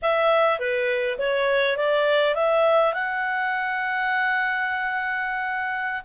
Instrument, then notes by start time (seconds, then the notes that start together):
clarinet
0.02 E5
0.59 B4
1.18 C#5
1.76 D5
2.34 E5
2.93 F#5